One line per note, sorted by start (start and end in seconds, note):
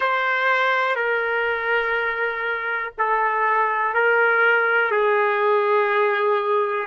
0.00 0.95 C5
0.95 2.92 A#4
2.98 3.93 A4
3.93 4.91 A#4
4.91 6.86 G#4